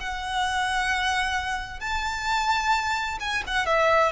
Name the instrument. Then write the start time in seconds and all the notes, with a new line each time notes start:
violin
0.00 F#5
1.80 A5
3.21 G#5
3.47 F#5
3.66 E5